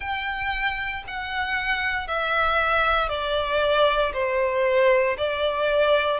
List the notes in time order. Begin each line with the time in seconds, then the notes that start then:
0.00 G5
1.07 F#5
2.07 E5
3.08 D5
4.13 C5
5.17 D5